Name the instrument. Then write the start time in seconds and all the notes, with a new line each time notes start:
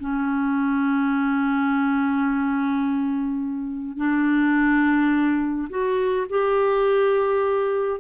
clarinet
0.00 C#4
3.97 D4
5.70 F#4
6.29 G4